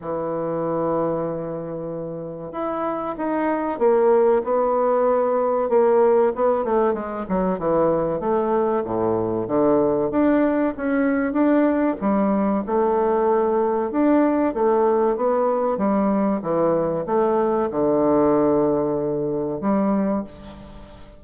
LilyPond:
\new Staff \with { instrumentName = "bassoon" } { \time 4/4 \tempo 4 = 95 e1 | e'4 dis'4 ais4 b4~ | b4 ais4 b8 a8 gis8 fis8 | e4 a4 a,4 d4 |
d'4 cis'4 d'4 g4 | a2 d'4 a4 | b4 g4 e4 a4 | d2. g4 | }